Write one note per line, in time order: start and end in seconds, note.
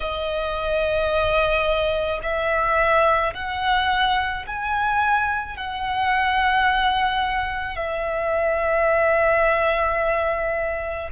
0.00 2.19 D#5
2.22 3.33 E5
3.33 4.44 F#5
4.46 5.57 G#5
5.57 7.75 F#5
7.75 11.09 E5